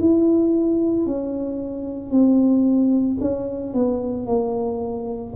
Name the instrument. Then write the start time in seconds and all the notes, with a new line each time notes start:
tuba
0.00 E4
1.06 C#4
2.11 C4
3.21 C#4
3.74 B3
4.27 A#3